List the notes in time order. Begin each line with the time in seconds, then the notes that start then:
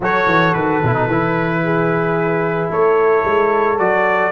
0.00 F#3 F#4 A4 C#5
0.26 E3
0.53 D#3 B4
0.83 B2 E4
0.95 D#4
1.07 E3 E4
1.63 G#4
2.69 A3 A4 C#5
3.24 G#3
3.78 F#3 F#4 D5